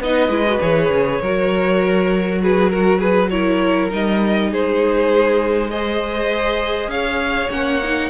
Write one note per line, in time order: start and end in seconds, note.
0.00 0.28 B3
0.00 0.30 D#4
0.00 1.21 B4
0.00 0.61 D#5
0.28 0.58 G#3
0.28 0.45 E4
0.48 0.61 F#4
0.61 0.90 E3
0.61 1.21 G#4
0.61 2.41 C#5
0.90 1.20 C#3
1.21 3.92 F#3
1.21 3.31 F#4
1.21 2.41 A#4
2.42 2.72 G#4
2.42 2.70 B4
2.70 2.98 F#4
2.70 2.99 A#4
2.98 3.29 G#4
2.98 3.29 B4
3.30 3.90 E4
3.30 4.50 A#4
3.30 3.90 C#5
3.90 4.52 G3
3.90 5.70 D#4
3.90 4.53 D#5
4.50 6.88 G#3
4.50 5.70 G#4
4.50 5.71 C5
5.70 7.50 G#4
5.70 6.90 C5
5.70 6.90 D#5
6.88 7.48 C#4
6.88 8.10 C#5
6.88 7.50 F5
7.50 8.10 A#3
7.50 7.81 C#4
7.50 8.10 F#5
7.84 8.10 D#4